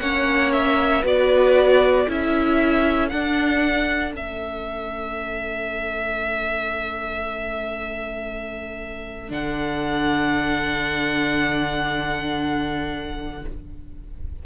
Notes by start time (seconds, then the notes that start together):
0.00 A#3 C#4 C#5 F#5
0.53 E5
1.02 B3 F#4 B4 D5
2.05 C#4 E4 A4
2.11 E5
3.09 D4 F#5
4.14 A3 C#4 E5
9.29 D3 D4 F#5